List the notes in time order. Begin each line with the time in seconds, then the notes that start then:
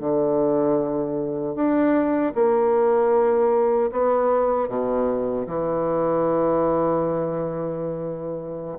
0.00 D3
1.55 D4
2.36 A#3
3.92 B3
4.69 B2
5.47 E3